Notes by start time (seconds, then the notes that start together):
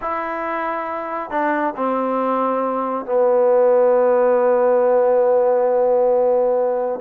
0.01 E4
1.30 D4
1.76 C4
3.05 B3